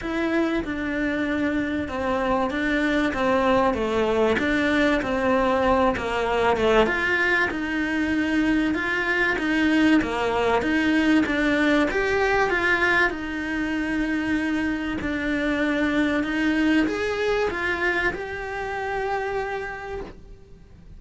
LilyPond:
\new Staff \with { instrumentName = "cello" } { \time 4/4 \tempo 4 = 96 e'4 d'2 c'4 | d'4 c'4 a4 d'4 | c'4. ais4 a8 f'4 | dis'2 f'4 dis'4 |
ais4 dis'4 d'4 g'4 | f'4 dis'2. | d'2 dis'4 gis'4 | f'4 g'2. | }